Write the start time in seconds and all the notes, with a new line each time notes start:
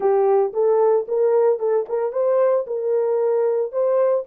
0.00 G4
0.53 A4
1.08 A#4
1.59 A4
1.88 A#4
2.12 C5
2.66 A#4
3.71 C5